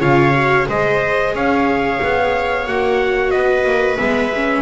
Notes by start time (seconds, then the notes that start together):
0.00 C#3 F4 C#5 F5
0.35 F#4
0.69 G#3 G#4 C5 D#5
1.34 C#4 C#5 F5
2.03 B3
2.67 A#3 F#4 F#5
3.31 B3 B4 D#5
3.65 A#3
3.98 G#3 B3 E5
4.35 C#4